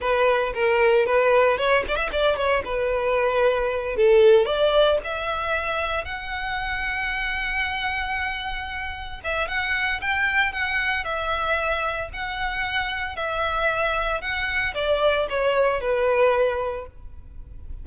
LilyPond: \new Staff \with { instrumentName = "violin" } { \time 4/4 \tempo 4 = 114 b'4 ais'4 b'4 cis''8 d''16 e''16 | d''8 cis''8 b'2~ b'8 a'8~ | a'8 d''4 e''2 fis''8~ | fis''1~ |
fis''4. e''8 fis''4 g''4 | fis''4 e''2 fis''4~ | fis''4 e''2 fis''4 | d''4 cis''4 b'2 | }